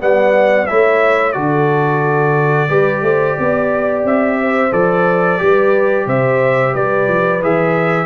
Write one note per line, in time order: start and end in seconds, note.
0.00 0.69 G3
0.00 0.67 B3
0.00 0.69 D5
0.00 0.66 F#5
0.66 1.36 A3
0.66 1.34 E4
0.66 1.35 C#5
0.66 1.32 E5
1.32 2.69 D3
1.32 2.69 F#4
1.32 2.69 A4
1.32 4.02 D5
2.69 3.02 G3
2.69 4.71 G4
2.69 3.03 B4
3.02 3.35 A3
3.02 3.38 C5
3.38 4.04 B3
3.38 4.39 D5
4.04 4.71 C4
4.04 4.72 E5
4.41 5.42 C5
4.71 5.40 F3
4.71 5.38 A4
4.71 6.07 D5
5.38 6.06 G3
5.38 7.40 G4
5.38 6.05 B4
6.05 6.74 C3
6.05 6.72 C5
6.05 6.75 E5
6.72 7.08 G3
6.72 8.06 B4
6.72 7.43 D5
7.08 7.42 F3
7.42 8.06 E3
7.42 8.06 G#4
7.42 8.06 E5